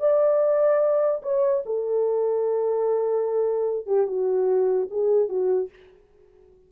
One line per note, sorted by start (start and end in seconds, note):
0.00 1.22 D5
1.23 1.63 C#5
1.66 3.87 A4
3.87 4.07 G4
4.07 4.88 F#4
4.91 5.29 G#4
5.29 5.70 F#4